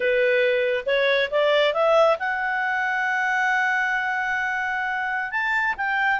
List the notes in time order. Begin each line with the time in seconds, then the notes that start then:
0.00 B4
0.86 C#5
1.30 D5
1.73 E5
2.19 F#5
5.31 A5
5.77 G5